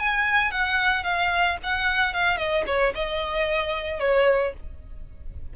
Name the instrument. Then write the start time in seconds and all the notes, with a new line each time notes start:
violin
0.00 G#5
0.52 F#5
1.04 F5
1.64 F#5
2.14 F5
2.38 D#5
2.67 C#5
2.95 D#5
4.00 C#5